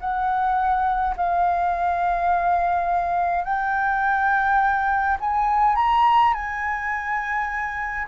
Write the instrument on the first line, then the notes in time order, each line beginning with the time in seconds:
flute
0.00 F#5
1.16 F5
3.44 G5
5.20 G#5
5.76 A#5
6.34 G#5